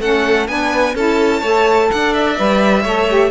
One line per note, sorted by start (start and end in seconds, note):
0.00 0.48 A3
0.00 0.47 C#4
0.00 0.48 A4
0.00 0.47 F#5
0.47 0.95 B3
0.47 0.95 D4
0.47 0.95 B4
0.47 0.95 G#5
0.95 1.42 C#4
0.95 1.43 E4
0.95 1.40 A4
0.95 1.91 A5
1.40 1.89 A3
1.40 2.36 A4
1.40 1.87 C#5
1.91 2.39 D4
1.91 2.82 D5
1.91 2.13 F#5
2.13 3.30 E5
2.36 2.84 G3
2.36 2.83 B4
2.82 3.30 A3
2.82 3.08 A4
2.82 3.30 C#5
3.08 3.30 G4